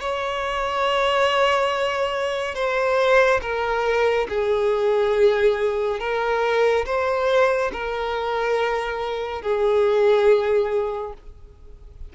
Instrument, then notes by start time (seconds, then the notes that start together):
violin
0.00 C#5
2.55 C5
3.41 A#4
4.29 G#4
6.00 A#4
6.85 C5
7.72 A#4
9.42 G#4